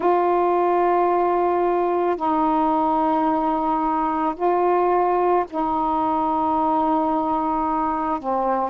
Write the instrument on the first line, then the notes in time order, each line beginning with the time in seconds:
saxophone
0.00 F4
2.16 D#4
4.35 F4
5.50 D#4
8.19 C4